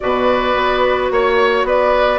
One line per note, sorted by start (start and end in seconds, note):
0.00 0.55 B2
0.00 2.19 F#4
0.00 1.12 B4
0.00 1.09 D5
0.55 1.10 B3
1.10 1.64 A#3
1.10 1.67 C#5
1.10 1.66 C#5
1.64 2.19 B3
1.64 2.19 B4
1.64 2.19 D5